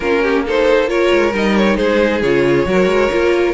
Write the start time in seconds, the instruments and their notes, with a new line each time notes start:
0.00 cello A#3, viola C#4, violin F4 A#4
0.22 violin G4
0.45 viola D#4, violin A4 C5
0.87 viola F4, violin A#4 C#5
1.13 cello G#3
1.33 cello G3, viola D#4, violin D#5
1.56 violin C#5
1.76 cello G#3, violin G#4 C5
2.22 cello C#3, viola F4, violin C#5
2.65 cello F#3, viola F#4, violin A#4
2.86 cello G#3
3.10 cello A#3, viola F4